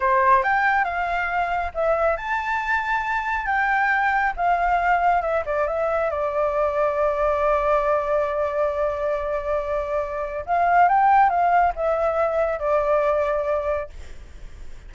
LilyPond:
\new Staff \with { instrumentName = "flute" } { \time 4/4 \tempo 4 = 138 c''4 g''4 f''2 | e''4 a''2. | g''2 f''2 | e''8 d''8 e''4 d''2~ |
d''1~ | d''1 | f''4 g''4 f''4 e''4~ | e''4 d''2. | }